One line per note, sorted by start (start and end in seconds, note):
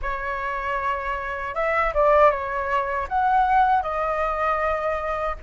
0.02 1.54 C#5
1.54 1.93 E5
1.94 2.30 D5
2.30 3.07 C#5
3.08 3.82 F#5
3.82 5.36 D#5